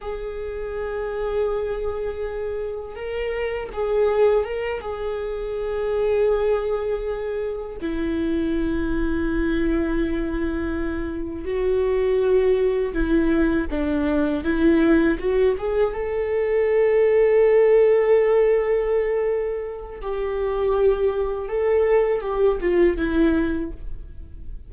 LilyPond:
\new Staff \with { instrumentName = "viola" } { \time 4/4 \tempo 4 = 81 gis'1 | ais'4 gis'4 ais'8 gis'4.~ | gis'2~ gis'8 e'4.~ | e'2.~ e'8 fis'8~ |
fis'4. e'4 d'4 e'8~ | e'8 fis'8 gis'8 a'2~ a'8~ | a'2. g'4~ | g'4 a'4 g'8 f'8 e'4 | }